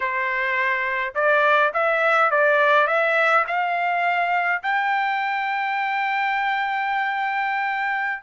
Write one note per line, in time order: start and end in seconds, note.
0.00 1.14 C5
1.15 1.72 D5
1.73 2.31 E5
2.31 2.87 D5
2.87 3.45 E5
3.47 4.62 F5
4.62 8.22 G5